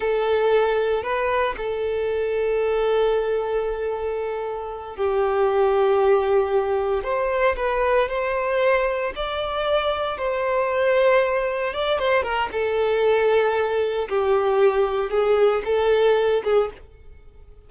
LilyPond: \new Staff \with { instrumentName = "violin" } { \time 4/4 \tempo 4 = 115 a'2 b'4 a'4~ | a'1~ | a'4. g'2~ g'8~ | g'4. c''4 b'4 c''8~ |
c''4. d''2 c''8~ | c''2~ c''8 d''8 c''8 ais'8 | a'2. g'4~ | g'4 gis'4 a'4. gis'8 | }